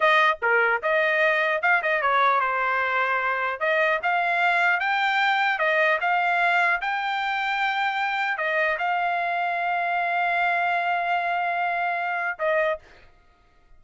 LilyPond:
\new Staff \with { instrumentName = "trumpet" } { \time 4/4 \tempo 4 = 150 dis''4 ais'4 dis''2 | f''8 dis''8 cis''4 c''2~ | c''4 dis''4 f''2 | g''2 dis''4 f''4~ |
f''4 g''2.~ | g''4 dis''4 f''2~ | f''1~ | f''2. dis''4 | }